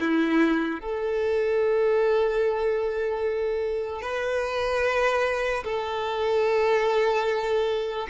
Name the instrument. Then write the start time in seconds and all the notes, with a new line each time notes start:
violin
0.00 E4
0.80 A4
4.01 B4
5.64 A4